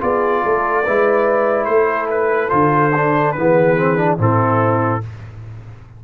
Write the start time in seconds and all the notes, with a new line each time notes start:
0.00 B3 F4 G#4 D5
0.42 A3 A4
0.83 G#3 E4 B4
1.65 A3 A4 C5
2.10 B4
2.49 D3 F4 C5
2.96 D4
3.32 E3 B3 G#4 B4
3.77 C4
3.97 D4
4.18 A2 C4 E4 A4